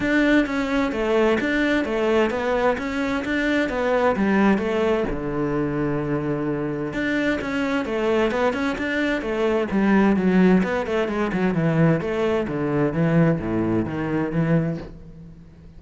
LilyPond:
\new Staff \with { instrumentName = "cello" } { \time 4/4 \tempo 4 = 130 d'4 cis'4 a4 d'4 | a4 b4 cis'4 d'4 | b4 g4 a4 d4~ | d2. d'4 |
cis'4 a4 b8 cis'8 d'4 | a4 g4 fis4 b8 a8 | gis8 fis8 e4 a4 d4 | e4 a,4 dis4 e4 | }